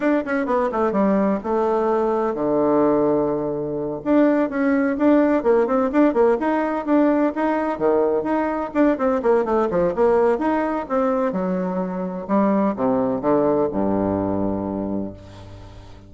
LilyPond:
\new Staff \with { instrumentName = "bassoon" } { \time 4/4 \tempo 4 = 127 d'8 cis'8 b8 a8 g4 a4~ | a4 d2.~ | d8 d'4 cis'4 d'4 ais8 | c'8 d'8 ais8 dis'4 d'4 dis'8~ |
dis'8 dis4 dis'4 d'8 c'8 ais8 | a8 f8 ais4 dis'4 c'4 | fis2 g4 c4 | d4 g,2. | }